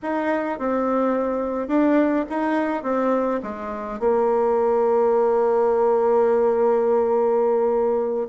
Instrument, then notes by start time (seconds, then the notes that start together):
bassoon
0.02 D#4
0.58 C4
1.68 D4
2.29 D#4
2.83 C4
3.42 G#3
3.99 A#3